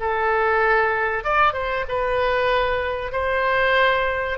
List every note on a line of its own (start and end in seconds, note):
0.00 1.24 A4
1.24 1.53 D5
1.53 1.85 C5
1.88 3.12 B4
3.12 4.38 C5